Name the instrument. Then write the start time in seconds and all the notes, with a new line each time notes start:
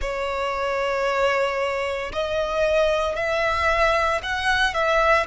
violin
0.01 C#5
2.12 D#5
3.15 E5
4.22 F#5
4.74 E5